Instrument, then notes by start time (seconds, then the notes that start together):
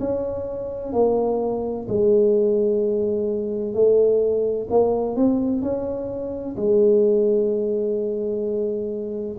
tuba
0.00 C#4
0.93 A#3
1.89 G#3
3.75 A3
4.70 A#3
5.16 C4
5.62 C#4
6.57 G#3